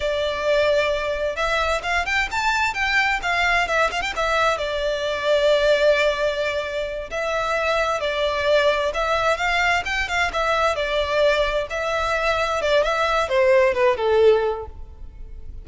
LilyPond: \new Staff \with { instrumentName = "violin" } { \time 4/4 \tempo 4 = 131 d''2. e''4 | f''8 g''8 a''4 g''4 f''4 | e''8 f''16 g''16 e''4 d''2~ | d''2.~ d''8 e''8~ |
e''4. d''2 e''8~ | e''8 f''4 g''8 f''8 e''4 d''8~ | d''4. e''2 d''8 | e''4 c''4 b'8 a'4. | }